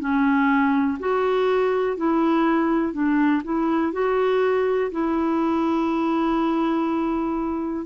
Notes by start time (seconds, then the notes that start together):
0.00 C#4
1.00 F#4
1.97 E4
2.93 D4
3.44 E4
3.93 F#4
4.92 E4